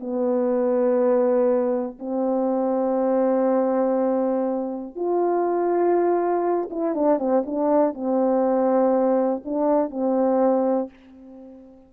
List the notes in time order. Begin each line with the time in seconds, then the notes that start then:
0.00 B3
1.99 C4
4.95 F4
6.70 E4
6.95 D4
7.18 C4
7.46 D4
7.94 C4
9.45 D4
9.90 C4